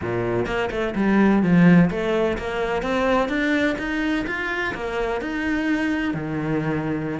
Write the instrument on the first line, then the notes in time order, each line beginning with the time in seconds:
cello
0.01 A#2
0.46 A#3
0.71 A3
0.95 G3
1.42 F3
1.90 A3
2.38 A#3
2.82 C4
3.28 D4
3.78 D#4
4.26 F4
4.74 A#3
5.21 D#4
6.14 D#3